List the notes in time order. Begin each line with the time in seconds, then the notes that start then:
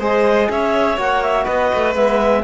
0.00 G#3 G#4 C5 D#5
0.50 C#4 C#5 E5
0.98 A#3 F#4 F#5
1.23 E5
1.45 B3 B4 D#5
1.74 A3
1.95 G#3 B3 E5